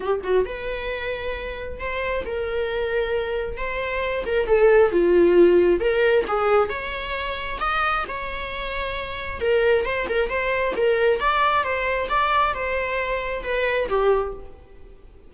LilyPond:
\new Staff \with { instrumentName = "viola" } { \time 4/4 \tempo 4 = 134 g'8 fis'8 b'2. | c''4 ais'2. | c''4. ais'8 a'4 f'4~ | f'4 ais'4 gis'4 cis''4~ |
cis''4 dis''4 cis''2~ | cis''4 ais'4 c''8 ais'8 c''4 | ais'4 d''4 c''4 d''4 | c''2 b'4 g'4 | }